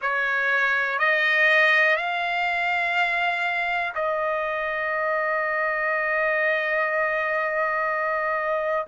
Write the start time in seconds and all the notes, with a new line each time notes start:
0.01 C#5
0.98 D#5
1.96 F5
3.94 D#5